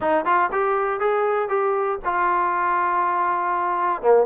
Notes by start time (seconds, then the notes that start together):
0.00 D#4
0.25 F4
0.52 G4
1.00 G#4
1.49 G4
2.05 F4
4.02 A#3